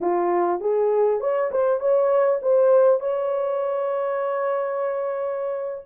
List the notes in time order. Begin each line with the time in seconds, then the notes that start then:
0.00 F4
0.60 G#4
1.20 C#5
1.51 C5
1.79 C#5
2.42 C5
2.99 C#5